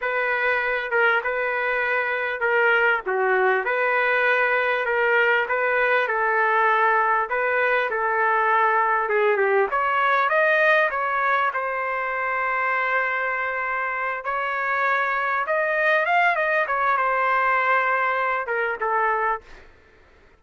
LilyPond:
\new Staff \with { instrumentName = "trumpet" } { \time 4/4 \tempo 4 = 99 b'4. ais'8 b'2 | ais'4 fis'4 b'2 | ais'4 b'4 a'2 | b'4 a'2 gis'8 g'8 |
cis''4 dis''4 cis''4 c''4~ | c''2.~ c''8 cis''8~ | cis''4. dis''4 f''8 dis''8 cis''8 | c''2~ c''8 ais'8 a'4 | }